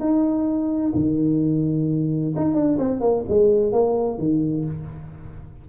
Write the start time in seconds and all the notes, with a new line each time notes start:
0.00 D#4
0.95 D#3
2.36 D#4
2.55 D4
2.79 C4
3.01 A#3
3.29 G#3
3.73 A#3
4.18 D#3